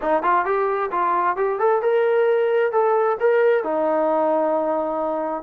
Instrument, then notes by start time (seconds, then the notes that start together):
trombone
0.01 D#4
0.22 F4
0.45 G4
0.91 F4
1.36 G4
1.59 A4
1.82 A#4
2.71 A4
3.20 A#4
3.63 D#4